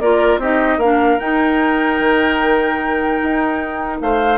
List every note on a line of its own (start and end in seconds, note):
0.00 0.37 A#3
0.00 0.41 F4
0.00 0.40 A#4
0.00 0.41 D5
0.37 0.77 C4
0.37 0.81 D#4
0.37 0.78 G4
0.37 0.80 D#5
0.77 1.17 A#3
0.77 1.20 D4
0.77 3.98 A#4
0.77 1.19 F5
1.19 4.38 D#4
1.19 2.00 D#4
1.19 3.99 G5
2.00 3.20 D#3
3.23 4.01 D#4
4.01 4.38 A3
4.01 4.38 C5
4.01 4.38 F5